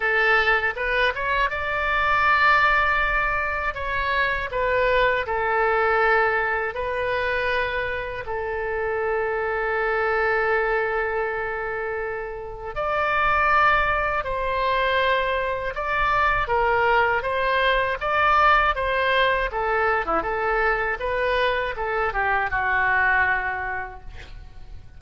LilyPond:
\new Staff \with { instrumentName = "oboe" } { \time 4/4 \tempo 4 = 80 a'4 b'8 cis''8 d''2~ | d''4 cis''4 b'4 a'4~ | a'4 b'2 a'4~ | a'1~ |
a'4 d''2 c''4~ | c''4 d''4 ais'4 c''4 | d''4 c''4 a'8. e'16 a'4 | b'4 a'8 g'8 fis'2 | }